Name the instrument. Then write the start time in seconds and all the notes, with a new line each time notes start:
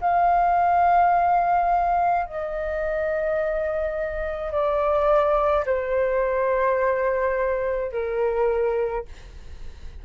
flute
0.00 F5
2.25 D#5
4.51 D5
5.65 C5
7.91 A#4